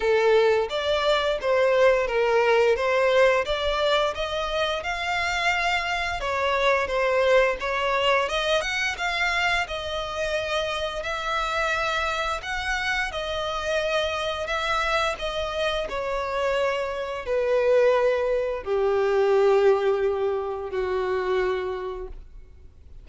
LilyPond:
\new Staff \with { instrumentName = "violin" } { \time 4/4 \tempo 4 = 87 a'4 d''4 c''4 ais'4 | c''4 d''4 dis''4 f''4~ | f''4 cis''4 c''4 cis''4 | dis''8 fis''8 f''4 dis''2 |
e''2 fis''4 dis''4~ | dis''4 e''4 dis''4 cis''4~ | cis''4 b'2 g'4~ | g'2 fis'2 | }